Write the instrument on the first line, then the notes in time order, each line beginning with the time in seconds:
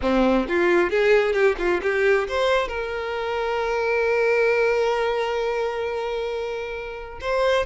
violin
0.02 C4
0.48 F4
0.90 G#4
1.33 G4
1.58 F4
1.82 G4
2.28 C5
2.68 A#4
7.21 C5